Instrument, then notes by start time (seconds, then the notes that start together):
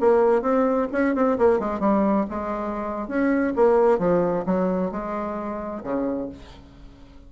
bassoon
0.00 A#3
0.42 C4
0.92 C#4
1.15 C4
1.38 A#3
1.59 G#3
1.80 G3
2.30 G#3
3.07 C#4
3.56 A#3
3.99 F3
4.46 F#3
4.91 G#3
5.83 C#3